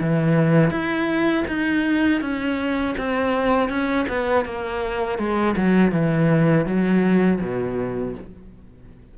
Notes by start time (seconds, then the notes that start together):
0.00 E3
0.70 E4
1.47 D#4
2.21 C#4
2.98 C4
3.69 C#4
4.08 B3
4.45 A#3
5.18 G#3
5.56 F#3
5.92 E3
6.66 F#3
7.40 B2